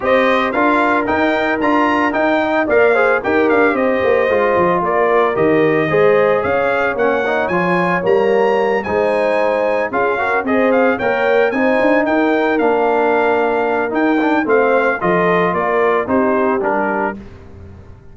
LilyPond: <<
  \new Staff \with { instrumentName = "trumpet" } { \time 4/4 \tempo 4 = 112 dis''4 f''4 g''4 ais''4 | g''4 f''4 g''8 f''8 dis''4~ | dis''4 d''4 dis''2 | f''4 fis''4 gis''4 ais''4~ |
ais''8 gis''2 f''4 dis''8 | f''8 g''4 gis''4 g''4 f''8~ | f''2 g''4 f''4 | dis''4 d''4 c''4 ais'4 | }
  \new Staff \with { instrumentName = "horn" } { \time 4/4 c''4 ais'2.~ | ais'8 dis''8 d''8 c''8 ais'4 c''4~ | c''4 ais'2 c''4 | cis''1~ |
cis''8 c''2 gis'8 ais'8 c''8~ | c''8 cis''4 c''4 ais'4.~ | ais'2. c''4 | a'4 ais'4 g'2 | }
  \new Staff \with { instrumentName = "trombone" } { \time 4/4 g'4 f'4 dis'4 f'4 | dis'4 ais'8 gis'8 g'2 | f'2 g'4 gis'4~ | gis'4 cis'8 dis'8 f'4 ais4~ |
ais8 dis'2 f'8 fis'8 gis'8~ | gis'8 ais'4 dis'2 d'8~ | d'2 dis'8 d'8 c'4 | f'2 dis'4 d'4 | }
  \new Staff \with { instrumentName = "tuba" } { \time 4/4 c'4 d'4 dis'4 d'4 | dis'4 ais4 dis'8 d'8 c'8 ais8 | gis8 f8 ais4 dis4 gis4 | cis'4 ais4 f4 g4~ |
g8 gis2 cis'4 c'8~ | c'8 ais4 c'8 d'8 dis'4 ais8~ | ais2 dis'4 a4 | f4 ais4 c'4 g4 | }
>>